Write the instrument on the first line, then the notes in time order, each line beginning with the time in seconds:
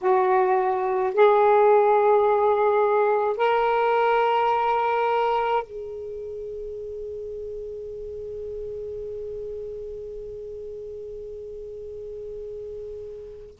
saxophone
0.01 F#4
1.14 G#4
3.37 A#4
5.63 G#4